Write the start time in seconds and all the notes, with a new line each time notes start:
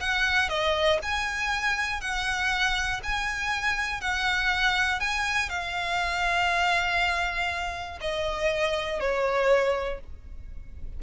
0.00 F#5
0.49 D#5
1.02 G#5
2.01 F#5
3.03 G#5
4.01 F#5
5.00 G#5
5.49 F5
8.01 D#5
9.00 C#5